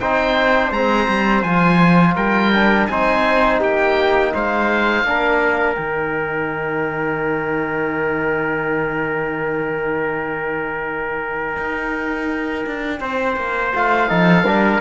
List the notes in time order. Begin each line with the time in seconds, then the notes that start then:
0.00 C4 D#4 C5 G5
0.71 G#3 C4 A#5
1.08 G3
1.43 F3 F4 G#5
2.15 G3 A#4 G5
2.54 D4
2.87 C4 D#4 C5 G#5
3.60 A#3 G4 G5
4.34 G#3 C5 F5
5.04 A#3 D4 A#4
5.75 D#3 D#4 G5
11.57 D#4
12.66 D4
13.00 C4 C5
13.36 A#3
13.75 A3 F4 F5
14.08 F3 D#4 A4
14.43 G3 D4 A#4